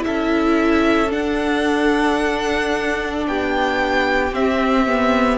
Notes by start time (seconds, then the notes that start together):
0.00 E4 E5
0.06 C#4 A4
1.10 D4 F#5
3.27 B3 G4 G5
4.32 C4 E5
4.87 B3